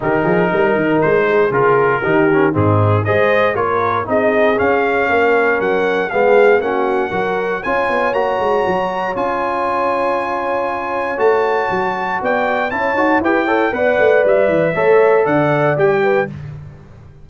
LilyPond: <<
  \new Staff \with { instrumentName = "trumpet" } { \time 4/4 \tempo 4 = 118 ais'2 c''4 ais'4~ | ais'4 gis'4 dis''4 cis''4 | dis''4 f''2 fis''4 | f''4 fis''2 gis''4 |
ais''2 gis''2~ | gis''2 a''2 | g''4 a''4 g''4 fis''4 | e''2 fis''4 g''4 | }
  \new Staff \with { instrumentName = "horn" } { \time 4/4 g'8 gis'8 ais'4. gis'4. | g'4 dis'4 c''4 ais'4 | gis'2 ais'2 | gis'4 fis'4 ais'4 cis''4~ |
cis''1~ | cis''1 | d''4 cis''4 b'8 cis''8 d''4~ | d''4 cis''4 d''4. b'8 | }
  \new Staff \with { instrumentName = "trombone" } { \time 4/4 dis'2. f'4 | dis'8 cis'8 c'4 gis'4 f'4 | dis'4 cis'2. | b4 cis'4 fis'4 f'4 |
fis'2 f'2~ | f'2 fis'2~ | fis'4 e'8 fis'8 g'8 a'8 b'4~ | b'4 a'2 g'4 | }
  \new Staff \with { instrumentName = "tuba" } { \time 4/4 dis8 f8 g8 dis8 gis4 cis4 | dis4 gis,4 gis4 ais4 | c'4 cis'4 ais4 fis4 | gis4 ais4 fis4 cis'8 b8 |
ais8 gis8 fis4 cis'2~ | cis'2 a4 fis4 | b4 cis'8 dis'8 e'4 b8 a8 | g8 e8 a4 d4 g4 | }
>>